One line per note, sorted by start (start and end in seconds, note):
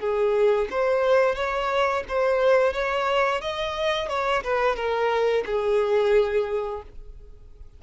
0.00 0.68 G#4
0.71 1.35 C5
1.35 2.04 C#5
2.09 2.73 C5
2.73 3.42 C#5
3.42 4.09 D#5
4.09 4.43 C#5
4.44 4.76 B4
4.76 5.44 A#4
5.46 6.82 G#4